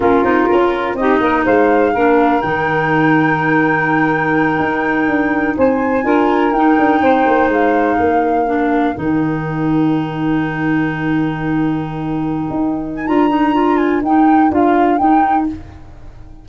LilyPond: <<
  \new Staff \with { instrumentName = "flute" } { \time 4/4 \tempo 4 = 124 ais'2 dis''4 f''4~ | f''4 g''2.~ | g''2.~ g''8 gis''8~ | gis''4. g''2 f''8~ |
f''2~ f''8 g''4.~ | g''1~ | g''2~ g''8. gis''16 ais''4~ | ais''8 gis''8 g''4 f''4 g''4 | }
  \new Staff \with { instrumentName = "saxophone" } { \time 4/4 f'2 g'8 ais'8 c''4 | ais'1~ | ais'2.~ ais'8 c''8~ | c''8 ais'2 c''4.~ |
c''8 ais'2.~ ais'8~ | ais'1~ | ais'1~ | ais'1 | }
  \new Staff \with { instrumentName = "clarinet" } { \time 4/4 cis'8 dis'8 f'4 dis'2 | d'4 dis'2.~ | dis'1~ | dis'8 f'4 dis'2~ dis'8~ |
dis'4. d'4 dis'4.~ | dis'1~ | dis'2. f'8 dis'8 | f'4 dis'4 f'4 dis'4 | }
  \new Staff \with { instrumentName = "tuba" } { \time 4/4 ais8 c'8 cis'4 c'8 ais8 gis4 | ais4 dis2.~ | dis4. dis'4 d'4 c'8~ | c'8 d'4 dis'8 d'8 c'8 ais8 gis8~ |
gis8 ais2 dis4.~ | dis1~ | dis4.~ dis16 dis'4~ dis'16 d'4~ | d'4 dis'4 d'4 dis'4 | }
>>